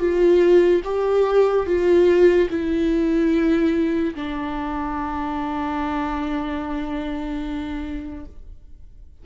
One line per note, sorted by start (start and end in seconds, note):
0.00 0.82 F4
0.85 1.67 G4
1.67 2.49 F4
2.50 4.15 E4
4.15 8.26 D4